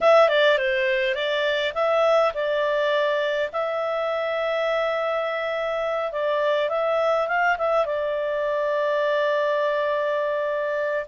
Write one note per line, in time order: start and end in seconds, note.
0.00 0.28 E5
0.28 0.57 D5
0.58 1.14 C5
1.14 1.73 D5
1.74 2.32 E5
2.34 3.50 D5
3.52 6.11 E5
6.11 6.69 D5
6.69 7.27 E5
7.27 7.56 F5
7.58 7.85 E5
7.85 11.05 D5